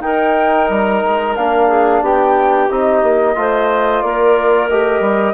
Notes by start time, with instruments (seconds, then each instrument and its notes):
0.00 bassoon D#4, trombone D#4, clarinet A#4, flute G5
0.70 bassoon G3, flute A#5
1.04 bassoon G#3
1.37 bassoon A#3, trombone D4, flute F5
1.68 clarinet G#4
2.02 bassoon B3, clarinet G4, flute G5
2.71 bassoon C4, trombone D#4, flute D#5
3.03 bassoon A#3
3.36 bassoon A3, trombone F4, clarinet C5
4.02 bassoon A#3, clarinet A#4, flute D5
4.69 bassoon A3, trombone G4, flute D#5
5.01 bassoon G3